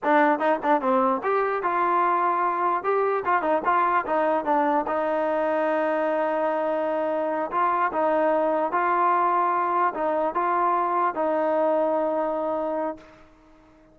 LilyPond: \new Staff \with { instrumentName = "trombone" } { \time 4/4 \tempo 4 = 148 d'4 dis'8 d'8 c'4 g'4 | f'2. g'4 | f'8 dis'8 f'4 dis'4 d'4 | dis'1~ |
dis'2~ dis'8 f'4 dis'8~ | dis'4. f'2~ f'8~ | f'8 dis'4 f'2 dis'8~ | dis'1 | }